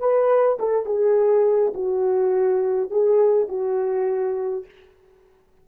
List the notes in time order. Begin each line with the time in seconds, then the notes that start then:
0.00 B4
0.60 A4
0.86 G#4
1.74 F#4
2.91 G#4
3.49 F#4